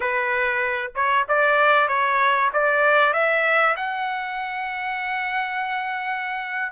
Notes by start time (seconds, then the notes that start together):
0.00 B4
0.95 C#5
1.28 D5
1.88 C#5
2.53 D5
3.13 E5
3.76 F#5